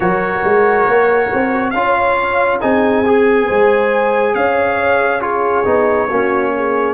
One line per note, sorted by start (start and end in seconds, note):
0.00 0.39 F#3
0.00 1.74 F#4
0.00 1.72 A#4
0.00 1.70 C#5
0.43 0.86 G#3
0.86 1.30 A#3
1.33 1.73 C4
1.70 2.60 C#4
1.70 2.61 F4
1.70 2.57 F5
1.77 2.61 C#5
2.61 3.49 C4
2.61 3.04 D#4
2.61 3.46 G#4
2.61 4.34 G#5
3.05 5.20 G#4
3.46 4.34 G#3
3.46 4.33 C5
4.34 5.65 C#4
4.34 5.21 C#5
4.34 5.21 F5
5.20 5.64 F4
5.20 6.07 G#4
5.20 6.94 C#5
5.64 6.09 B3
5.64 6.08 D#4
6.07 6.94 A#3
6.07 6.94 C#4
6.07 6.51 F#4
6.55 6.94 G#4